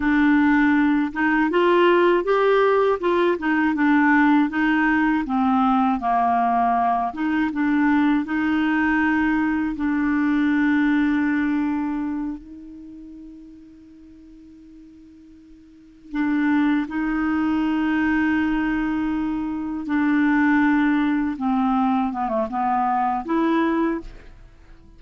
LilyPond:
\new Staff \with { instrumentName = "clarinet" } { \time 4/4 \tempo 4 = 80 d'4. dis'8 f'4 g'4 | f'8 dis'8 d'4 dis'4 c'4 | ais4. dis'8 d'4 dis'4~ | dis'4 d'2.~ |
d'8 dis'2.~ dis'8~ | dis'4. d'4 dis'4.~ | dis'2~ dis'8 d'4.~ | d'8 c'4 b16 a16 b4 e'4 | }